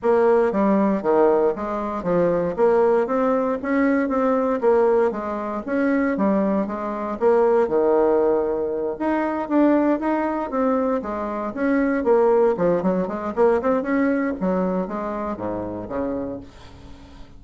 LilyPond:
\new Staff \with { instrumentName = "bassoon" } { \time 4/4 \tempo 4 = 117 ais4 g4 dis4 gis4 | f4 ais4 c'4 cis'4 | c'4 ais4 gis4 cis'4 | g4 gis4 ais4 dis4~ |
dis4. dis'4 d'4 dis'8~ | dis'8 c'4 gis4 cis'4 ais8~ | ais8 f8 fis8 gis8 ais8 c'8 cis'4 | fis4 gis4 gis,4 cis4 | }